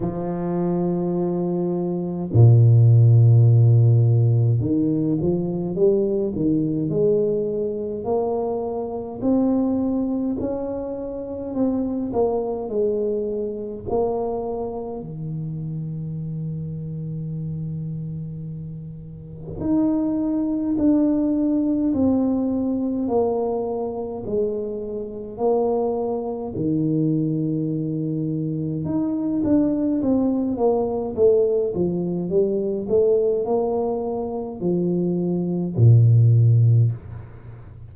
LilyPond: \new Staff \with { instrumentName = "tuba" } { \time 4/4 \tempo 4 = 52 f2 ais,2 | dis8 f8 g8 dis8 gis4 ais4 | c'4 cis'4 c'8 ais8 gis4 | ais4 dis2.~ |
dis4 dis'4 d'4 c'4 | ais4 gis4 ais4 dis4~ | dis4 dis'8 d'8 c'8 ais8 a8 f8 | g8 a8 ais4 f4 ais,4 | }